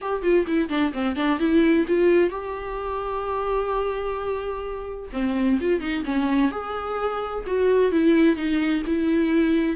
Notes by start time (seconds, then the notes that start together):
0.01 G4
0.22 F4
0.47 E4
0.69 D4
0.93 C4
1.16 D4
1.39 E4
1.87 F4
2.30 G4
5.12 C4
5.60 F4
5.80 D#4
6.05 C#4
6.51 G#4
7.47 F#4
7.91 E4
8.36 D#4
8.86 E4